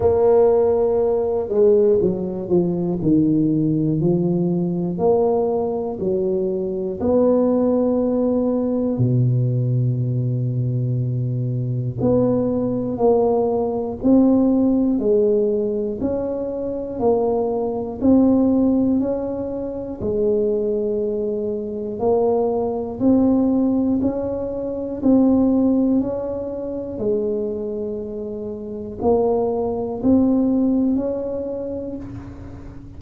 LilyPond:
\new Staff \with { instrumentName = "tuba" } { \time 4/4 \tempo 4 = 60 ais4. gis8 fis8 f8 dis4 | f4 ais4 fis4 b4~ | b4 b,2. | b4 ais4 c'4 gis4 |
cis'4 ais4 c'4 cis'4 | gis2 ais4 c'4 | cis'4 c'4 cis'4 gis4~ | gis4 ais4 c'4 cis'4 | }